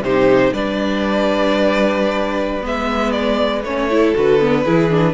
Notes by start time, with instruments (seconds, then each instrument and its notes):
0.00 cello C3, viola D#4, violin G4 C5
0.53 cello G3, viola D4, violin B4 D5
2.62 cello G#3, viola B3, violin E5
3.12 violin D5
3.64 cello A3, viola C#4, violin C#5
3.90 viola E4, violin A4
4.15 cello D3, viola F#4, violin B4
4.40 viola B3
4.64 cello E3, viola E4, violin G#4
4.90 viola D4